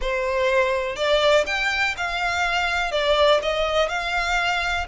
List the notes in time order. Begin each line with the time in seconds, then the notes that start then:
0.01 C5
0.95 D5
1.46 G5
1.97 F5
2.91 D5
3.42 D#5
3.88 F5